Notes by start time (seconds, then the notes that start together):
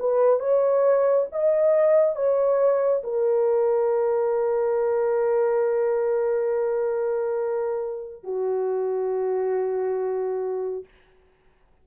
0.00 B4
0.40 C#5
1.32 D#5
2.16 C#5
3.04 A#4
8.24 F#4